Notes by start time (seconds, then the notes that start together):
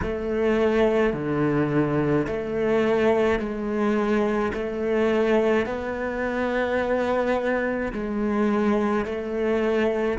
0.02 A3
1.13 D3
2.26 A3
3.39 G#3
4.53 A3
5.66 B3
7.92 G#3
9.05 A3